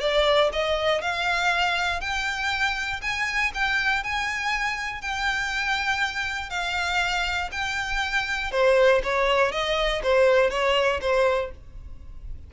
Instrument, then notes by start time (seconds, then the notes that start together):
violin
0.00 D5
0.53 D#5
1.01 F5
2.00 G5
3.02 G#5
3.54 G5
4.03 G#5
5.01 G5
6.50 F5
7.52 G5
8.51 C5
9.04 C#5
9.52 D#5
10.03 C5
10.50 C#5
11.01 C5